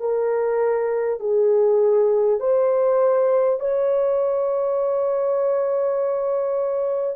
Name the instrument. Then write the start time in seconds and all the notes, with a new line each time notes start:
horn
0.00 A#4
1.20 G#4
2.39 C5
3.59 C#5